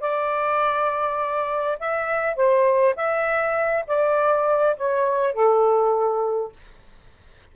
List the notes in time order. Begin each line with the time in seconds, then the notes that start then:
0.00 D5
1.79 E5
2.35 C5
2.96 E5
3.87 D5
4.77 C#5
5.33 A4